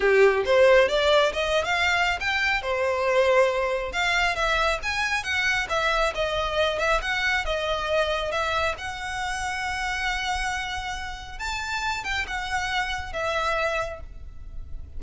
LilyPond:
\new Staff \with { instrumentName = "violin" } { \time 4/4 \tempo 4 = 137 g'4 c''4 d''4 dis''8. f''16~ | f''4 g''4 c''2~ | c''4 f''4 e''4 gis''4 | fis''4 e''4 dis''4. e''8 |
fis''4 dis''2 e''4 | fis''1~ | fis''2 a''4. g''8 | fis''2 e''2 | }